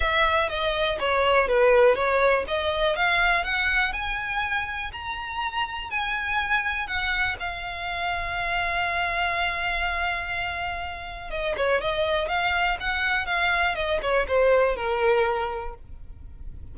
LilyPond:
\new Staff \with { instrumentName = "violin" } { \time 4/4 \tempo 4 = 122 e''4 dis''4 cis''4 b'4 | cis''4 dis''4 f''4 fis''4 | gis''2 ais''2 | gis''2 fis''4 f''4~ |
f''1~ | f''2. dis''8 cis''8 | dis''4 f''4 fis''4 f''4 | dis''8 cis''8 c''4 ais'2 | }